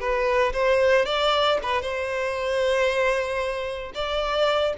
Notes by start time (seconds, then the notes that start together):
0.00 B4
0.53 C5
1.05 D5
1.62 B4
1.81 C5
3.94 D5